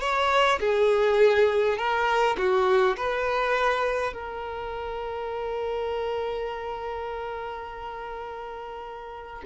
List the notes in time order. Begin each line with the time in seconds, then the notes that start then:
0.00 C#5
0.60 G#4
1.78 A#4
2.37 F#4
2.97 B4
4.13 A#4